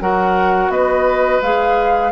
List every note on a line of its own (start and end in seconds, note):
0.00 0.69 F#3
0.00 1.41 F#4
0.00 0.71 A#4
0.00 0.71 F#5
0.69 1.39 B3
0.69 2.11 B4
0.69 1.41 D#5
1.42 2.11 G#3
1.42 2.11 G#4
1.42 2.11 F5